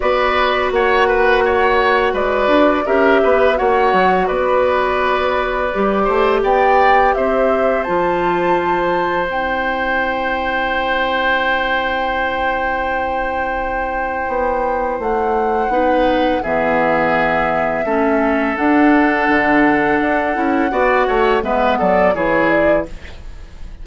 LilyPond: <<
  \new Staff \with { instrumentName = "flute" } { \time 4/4 \tempo 4 = 84 d''4 fis''2 d''4 | e''4 fis''4 d''2~ | d''4 g''4 e''4 a''4~ | a''4 g''2.~ |
g''1~ | g''4 fis''2 e''4~ | e''2 fis''2~ | fis''2 e''8 d''8 cis''8 d''8 | }
  \new Staff \with { instrumentName = "oboe" } { \time 4/4 b'4 cis''8 b'8 cis''4 b'4 | ais'8 b'8 cis''4 b'2~ | b'8 c''8 d''4 c''2~ | c''1~ |
c''1~ | c''2 b'4 gis'4~ | gis'4 a'2.~ | a'4 d''8 cis''8 b'8 a'8 gis'4 | }
  \new Staff \with { instrumentName = "clarinet" } { \time 4/4 fis'1 | g'4 fis'2. | g'2. f'4~ | f'4 e'2.~ |
e'1~ | e'2 dis'4 b4~ | b4 cis'4 d'2~ | d'8 e'8 fis'4 b4 e'4 | }
  \new Staff \with { instrumentName = "bassoon" } { \time 4/4 b4 ais2 gis8 d'8 | cis'8 b8 ais8 fis8 b2 | g8 a8 b4 c'4 f4~ | f4 c'2.~ |
c'1 | b4 a4 b4 e4~ | e4 a4 d'4 d4 | d'8 cis'8 b8 a8 gis8 fis8 e4 | }
>>